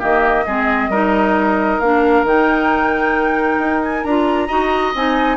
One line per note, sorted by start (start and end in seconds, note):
0.00 0.47 D#3
0.00 0.46 A#3
0.00 0.45 G4
0.00 1.81 D#5
0.47 0.89 G#3
0.47 0.93 C4
0.47 0.91 G#4
0.89 1.79 G3
0.89 1.82 D#4
0.89 4.48 A#4
1.81 2.24 A#3
1.81 2.27 D4
1.81 2.25 F5
2.24 3.58 D#3
2.24 4.06 D#4
2.24 3.84 G5
3.59 4.04 D#4
3.84 4.04 G#5
4.04 4.50 D4
4.04 4.49 F4
4.04 4.94 A#5
4.48 4.95 D#4
4.48 4.94 F#4
4.48 5.37 D#5
4.95 5.37 C4
4.95 5.37 D#4
4.95 5.37 G#5